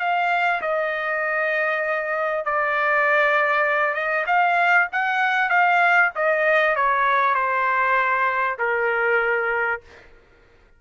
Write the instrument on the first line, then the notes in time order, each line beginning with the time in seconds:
trumpet
0.00 F5
0.62 D#5
2.45 D5
3.95 D#5
4.27 F5
4.93 F#5
5.49 F5
6.16 D#5
6.76 C#5
7.35 C5
8.59 A#4